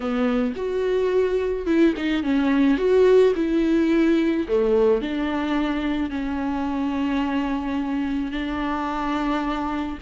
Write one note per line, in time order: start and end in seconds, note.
0.00 0.53 B3
0.56 1.66 F#4
1.66 1.94 E4
1.96 2.23 D#4
2.23 2.77 C#4
2.77 3.33 F#4
3.35 4.46 E4
4.47 5.01 A3
5.01 6.10 D4
6.10 8.31 C#4
8.31 9.98 D4